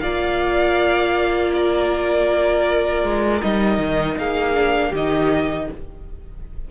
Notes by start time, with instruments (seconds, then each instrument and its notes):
0.00 cello A#3, viola F4, violin D5 F5
1.53 violin A#4 D5
3.04 cello G#3
3.42 cello G3, viola D#4, violin D#5
3.79 cello D#3
4.18 cello A#3, violin G#4 F5
4.54 viola D4
4.90 cello D#3, viola D#4, violin G4 D#5